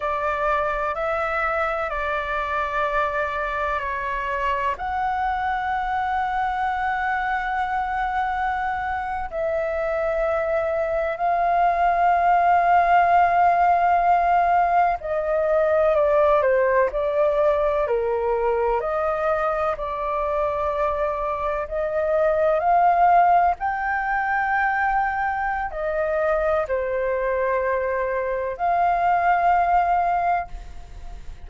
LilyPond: \new Staff \with { instrumentName = "flute" } { \time 4/4 \tempo 4 = 63 d''4 e''4 d''2 | cis''4 fis''2.~ | fis''4.~ fis''16 e''2 f''16~ | f''2.~ f''8. dis''16~ |
dis''8. d''8 c''8 d''4 ais'4 dis''16~ | dis''8. d''2 dis''4 f''16~ | f''8. g''2~ g''16 dis''4 | c''2 f''2 | }